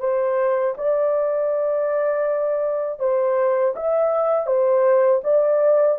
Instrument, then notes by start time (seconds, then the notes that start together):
horn
0.00 C5
0.78 D5
3.00 C5
3.76 E5
4.47 C5
5.24 D5